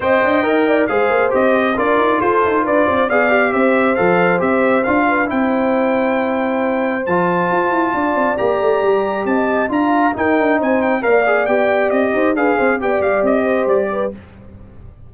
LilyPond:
<<
  \new Staff \with { instrumentName = "trumpet" } { \time 4/4 \tempo 4 = 136 g''2 f''4 dis''4 | d''4 c''4 d''4 f''4 | e''4 f''4 e''4 f''4 | g''1 |
a''2. ais''4~ | ais''4 a''4 ais''4 g''4 | gis''8 g''8 f''4 g''4 dis''4 | f''4 g''8 f''8 dis''4 d''4 | }
  \new Staff \with { instrumentName = "horn" } { \time 4/4 dis''4. d''8 c''2 | ais'4 a'4 b'8 c''8 d''4 | c''2.~ c''8 b'8 | c''1~ |
c''2 d''2~ | d''4 dis''4 f''4 ais'4 | c''4 d''2~ d''8 c''8 | b'8 c''8 d''4. c''4 b'8 | }
  \new Staff \with { instrumentName = "trombone" } { \time 4/4 c''4 ais'4 gis'4 g'4 | f'2. gis'8 g'8~ | g'4 a'4 g'4 f'4 | e'1 |
f'2. g'4~ | g'2 f'4 dis'4~ | dis'4 ais'8 gis'8 g'2 | gis'4 g'2. | }
  \new Staff \with { instrumentName = "tuba" } { \time 4/4 c'8 d'8 dis'4 gis8 ais8 c'4 | d'8 dis'8 f'8 dis'8 d'8 c'8 b4 | c'4 f4 c'4 d'4 | c'1 |
f4 f'8 e'8 d'8 c'8 ais8 a8 | g4 c'4 d'4 dis'8 d'8 | c'4 ais4 b4 c'8 dis'8 | d'8 c'8 b8 g8 c'4 g4 | }
>>